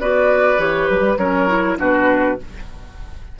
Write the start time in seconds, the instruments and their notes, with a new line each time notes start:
0.00 bassoon B3, clarinet F#4, oboe B4, flute D5
0.58 bassoon E3, clarinet G4, flute C#5
0.89 bassoon F#3, flute B4
1.00 bassoon G3
1.17 bassoon F#3, clarinet C#4, oboe A#4, flute C#5
1.48 clarinet E4
1.78 bassoon B2, clarinet D4, oboe F#4, flute B4